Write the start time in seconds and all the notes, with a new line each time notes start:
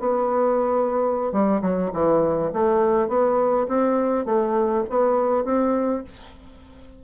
0.00 B3
1.32 G3
1.62 F#3
1.93 E3
2.53 A3
3.08 B3
3.68 C4
4.25 A3
4.89 B3
5.45 C4